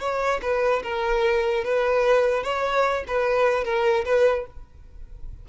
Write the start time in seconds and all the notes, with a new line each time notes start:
0.00 C#5
0.42 B4
0.83 A#4
1.64 B4
2.43 C#5
3.07 B4
3.64 A#4
4.05 B4